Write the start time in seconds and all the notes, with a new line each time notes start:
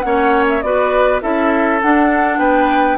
0.00 A#3 C#4 C#5 F#5
0.49 E5
0.61 B3 F#4 B4 D5
1.21 C#4 E4 A4 E5
1.81 D4 F#5
2.38 B3 B4 G5